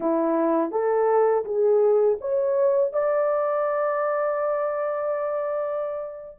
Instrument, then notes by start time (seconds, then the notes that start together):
horn
0.00 E4
0.71 A4
1.44 G#4
2.21 C#5
2.93 D5